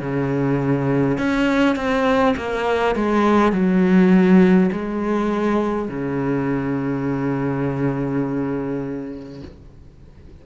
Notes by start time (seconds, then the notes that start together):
0.00 C#3
1.18 C#4
1.75 C4
2.36 A#3
2.95 G#3
3.52 F#3
4.72 G#3
5.88 C#3